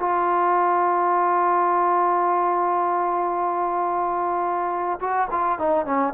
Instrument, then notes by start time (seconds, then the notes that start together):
trombone
0.00 F4
5.01 F#4
5.31 F4
5.59 D#4
5.86 C#4